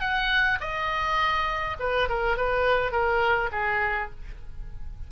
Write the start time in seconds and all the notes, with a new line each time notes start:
0.00 F#5
0.60 D#5
1.79 B4
2.09 A#4
2.37 B4
2.92 A#4
3.52 G#4